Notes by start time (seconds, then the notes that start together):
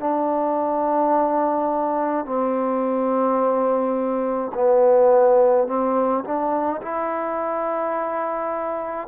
0.00 D4
2.25 C4
4.54 B3
5.67 C4
6.24 D4
6.82 E4